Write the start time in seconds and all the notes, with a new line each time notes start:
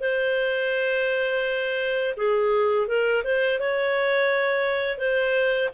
0.00 C5
2.17 G#4
2.87 A#4
3.24 C5
3.59 C#5
4.98 C5